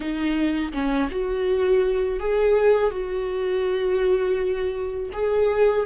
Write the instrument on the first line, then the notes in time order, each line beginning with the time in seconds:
viola
0.00 D#4
0.73 C#4
1.10 F#4
2.19 G#4
2.90 F#4
5.13 G#4